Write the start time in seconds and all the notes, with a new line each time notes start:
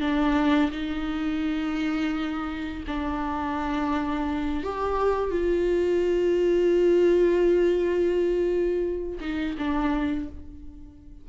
0.00 D4
0.71 D#4
2.87 D4
4.63 G4
5.30 F4
9.20 D#4
9.58 D4